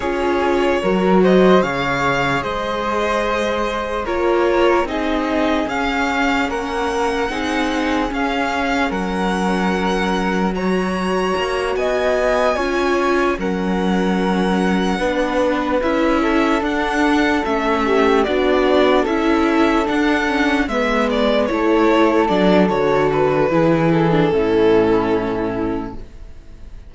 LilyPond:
<<
  \new Staff \with { instrumentName = "violin" } { \time 4/4 \tempo 4 = 74 cis''4. dis''8 f''4 dis''4~ | dis''4 cis''4 dis''4 f''4 | fis''2 f''4 fis''4~ | fis''4 ais''4. gis''4.~ |
gis''8 fis''2. e''8~ | e''8 fis''4 e''4 d''4 e''8~ | e''8 fis''4 e''8 d''8 cis''4 d''8 | cis''8 b'4 a'2~ a'8 | }
  \new Staff \with { instrumentName = "flute" } { \time 4/4 gis'4 ais'8 c''8 cis''4 c''4~ | c''4 ais'4 gis'2 | ais'4 gis'2 ais'4~ | ais'4 cis''4. dis''4 cis''8~ |
cis''8 ais'2 b'4. | a'2 g'8 fis'4 a'8~ | a'4. b'4 a'4.~ | a'4 gis'4 e'2 | }
  \new Staff \with { instrumentName = "viola" } { \time 4/4 f'4 fis'4 gis'2~ | gis'4 f'4 dis'4 cis'4~ | cis'4 dis'4 cis'2~ | cis'4 fis'2~ fis'8 f'8~ |
f'8 cis'2 d'4 e'8~ | e'8 d'4 cis'4 d'4 e'8~ | e'8 d'8 cis'8 b4 e'4 d'8 | fis'4 e'8. d'16 cis'2 | }
  \new Staff \with { instrumentName = "cello" } { \time 4/4 cis'4 fis4 cis4 gis4~ | gis4 ais4 c'4 cis'4 | ais4 c'4 cis'4 fis4~ | fis2 ais8 b4 cis'8~ |
cis'8 fis2 b4 cis'8~ | cis'8 d'4 a4 b4 cis'8~ | cis'8 d'4 gis4 a4 fis8 | d4 e4 a,2 | }
>>